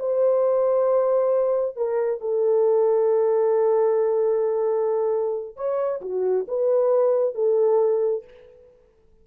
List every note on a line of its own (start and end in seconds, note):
0.00 1.76 C5
1.76 2.21 A#4
2.21 5.57 A4
5.57 6.01 C#5
6.02 6.46 F#4
6.48 7.35 B4
7.35 8.25 A4